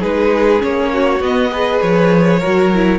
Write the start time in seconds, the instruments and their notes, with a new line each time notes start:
0.00 cello G#3, viola D#4, violin G#4 B4
0.59 cello A#3, viola C#4, violin C#5
0.93 violin F#4
1.20 cello B3, viola B3, violin D#5
1.51 viola G#4, violin B4
1.81 cello F3, violin C#5
2.40 cello F#3, viola F#4, violin A#4
2.74 viola E4